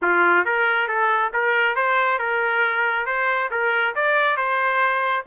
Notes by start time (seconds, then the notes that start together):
0.02 F4
0.45 A#4
0.87 A4
1.33 A#4
1.75 C5
2.19 A#4
3.06 C5
3.50 A#4
3.95 D5
4.37 C5